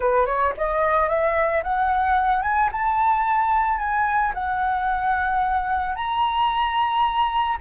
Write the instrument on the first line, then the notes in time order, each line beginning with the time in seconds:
flute
0.00 B4
0.26 C#5
0.57 D#5
1.08 E5
1.63 F#5
2.42 G#5
2.72 A5
3.78 G#5
4.34 F#5
5.95 A#5